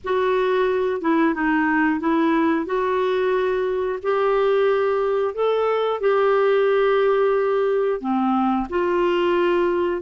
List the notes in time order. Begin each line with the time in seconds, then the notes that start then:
0.04 F#4
1.01 E4
1.34 D#4
2.00 E4
2.65 F#4
4.02 G4
5.34 A4
6.00 G4
8.00 C4
8.69 F4